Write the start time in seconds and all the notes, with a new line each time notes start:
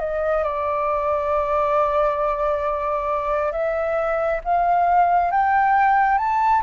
0.00 D#5
0.44 D5
3.53 E5
4.45 F5
5.32 G5
6.18 A5